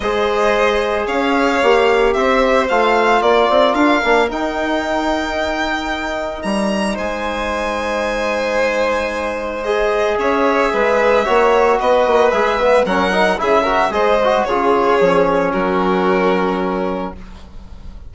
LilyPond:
<<
  \new Staff \with { instrumentName = "violin" } { \time 4/4 \tempo 4 = 112 dis''2 f''2 | e''4 f''4 d''4 f''4 | g''1 | ais''4 gis''2.~ |
gis''2 dis''4 e''4~ | e''2 dis''4 e''4 | fis''4 e''4 dis''4 cis''4~ | cis''4 ais'2. | }
  \new Staff \with { instrumentName = "violin" } { \time 4/4 c''2 cis''2 | c''2 ais'2~ | ais'1~ | ais'4 c''2.~ |
c''2. cis''4 | b'4 cis''4 b'2 | ais'4 gis'8 ais'8 c''4 gis'4~ | gis'4 fis'2. | }
  \new Staff \with { instrumentName = "trombone" } { \time 4/4 gis'2. g'4~ | g'4 f'2~ f'8 d'8 | dis'1~ | dis'1~ |
dis'2 gis'2~ | gis'4 fis'2 gis'8 b8 | cis'8 dis'8 e'8 fis'8 gis'8 fis'8 f'4 | cis'1 | }
  \new Staff \with { instrumentName = "bassoon" } { \time 4/4 gis2 cis'4 ais4 | c'4 a4 ais8 c'8 d'8 ais8 | dis'1 | g4 gis2.~ |
gis2. cis'4 | gis4 ais4 b8 ais8 gis4 | fis4 cis4 gis4 cis4 | f4 fis2. | }
>>